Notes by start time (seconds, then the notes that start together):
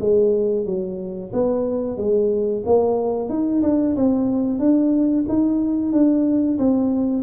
0.00 G#3
0.66 F#3
1.33 B3
1.98 G#3
2.66 A#3
3.30 D#4
3.63 D4
3.96 C4
4.59 D4
5.29 D#4
5.93 D4
6.59 C4